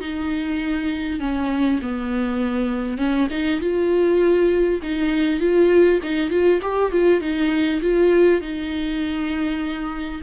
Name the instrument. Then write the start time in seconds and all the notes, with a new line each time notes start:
viola
0.00 D#4
1.20 C#4
1.82 B3
2.97 C#4
3.30 D#4
3.60 F4
4.82 D#4
5.40 F4
6.02 D#4
6.29 F4
6.62 G4
6.91 F4
7.21 D#4
7.81 F4
8.41 D#4